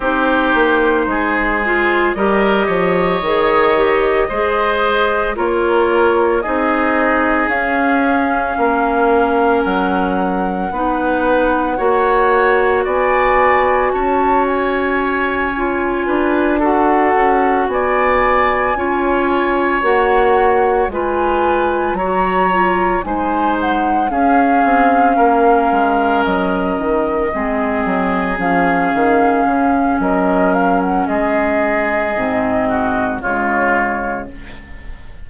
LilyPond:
<<
  \new Staff \with { instrumentName = "flute" } { \time 4/4 \tempo 4 = 56 c''2 dis''2~ | dis''4 cis''4 dis''4 f''4~ | f''4 fis''2. | gis''4 a''8 gis''2 fis''8~ |
fis''8 gis''2 fis''4 gis''8~ | gis''8 ais''4 gis''8 fis''8 f''4.~ | f''8 dis''2 f''4. | dis''8 f''16 fis''16 dis''2 cis''4 | }
  \new Staff \with { instrumentName = "oboe" } { \time 4/4 g'4 gis'4 ais'8 cis''4. | c''4 ais'4 gis'2 | ais'2 b'4 cis''4 | d''4 cis''2 b'8 a'8~ |
a'8 d''4 cis''2 b'8~ | b'8 cis''4 c''4 gis'4 ais'8~ | ais'4. gis'2~ gis'8 | ais'4 gis'4. fis'8 f'4 | }
  \new Staff \with { instrumentName = "clarinet" } { \time 4/4 dis'4. f'8 g'4 gis'8 g'8 | gis'4 f'4 dis'4 cis'4~ | cis'2 dis'4 fis'4~ | fis'2~ fis'8 f'4 fis'8~ |
fis'4. f'4 fis'4 f'8~ | f'8 fis'8 f'8 dis'4 cis'4.~ | cis'4. c'4 cis'4.~ | cis'2 c'4 gis4 | }
  \new Staff \with { instrumentName = "bassoon" } { \time 4/4 c'8 ais8 gis4 g8 f8 dis4 | gis4 ais4 c'4 cis'4 | ais4 fis4 b4 ais4 | b4 cis'2 d'4 |
cis'8 b4 cis'4 ais4 gis8~ | gis8 fis4 gis4 cis'8 c'8 ais8 | gis8 fis8 dis8 gis8 fis8 f8 dis8 cis8 | fis4 gis4 gis,4 cis4 | }
>>